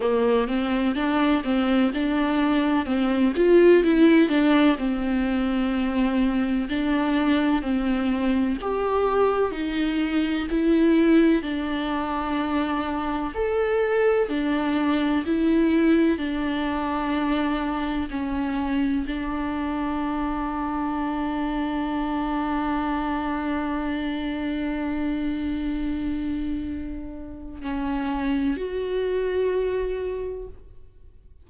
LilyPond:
\new Staff \with { instrumentName = "viola" } { \time 4/4 \tempo 4 = 63 ais8 c'8 d'8 c'8 d'4 c'8 f'8 | e'8 d'8 c'2 d'4 | c'4 g'4 dis'4 e'4 | d'2 a'4 d'4 |
e'4 d'2 cis'4 | d'1~ | d'1~ | d'4 cis'4 fis'2 | }